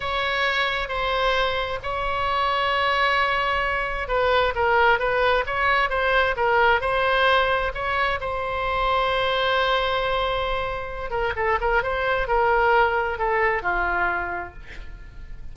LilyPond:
\new Staff \with { instrumentName = "oboe" } { \time 4/4 \tempo 4 = 132 cis''2 c''2 | cis''1~ | cis''4 b'4 ais'4 b'4 | cis''4 c''4 ais'4 c''4~ |
c''4 cis''4 c''2~ | c''1~ | c''8 ais'8 a'8 ais'8 c''4 ais'4~ | ais'4 a'4 f'2 | }